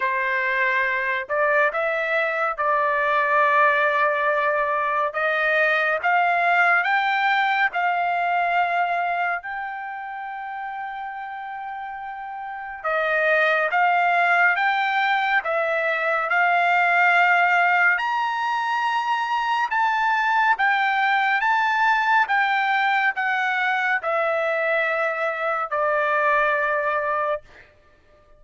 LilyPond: \new Staff \with { instrumentName = "trumpet" } { \time 4/4 \tempo 4 = 70 c''4. d''8 e''4 d''4~ | d''2 dis''4 f''4 | g''4 f''2 g''4~ | g''2. dis''4 |
f''4 g''4 e''4 f''4~ | f''4 ais''2 a''4 | g''4 a''4 g''4 fis''4 | e''2 d''2 | }